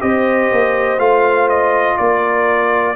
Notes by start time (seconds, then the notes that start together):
0.00 C4 G4 C5 D#5
0.52 A#3
0.98 A3 F4 F5
1.49 D#5
1.97 A#3 A#4 D5